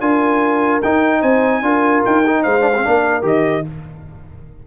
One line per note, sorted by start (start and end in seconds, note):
0.00 0.81 D4
0.00 0.82 F4
0.00 1.20 A#4
0.00 0.81 G#5
0.82 1.62 D#4
0.82 1.22 D#4
0.82 1.22 G5
1.20 1.62 C4
1.20 1.60 C5
1.20 2.03 G#5
1.62 2.02 D4
1.62 2.23 F4
1.62 2.42 A#4
2.04 2.45 D#4
2.04 2.43 G5
2.26 2.61 D#4
2.42 2.86 G#3
2.42 2.83 C5
2.42 3.24 F5
2.61 2.71 D4
2.76 2.84 C4
2.84 3.23 A#3
2.84 3.22 D4
2.84 3.65 A#4
3.22 3.63 D#3
3.22 3.62 G4
3.22 3.66 D#5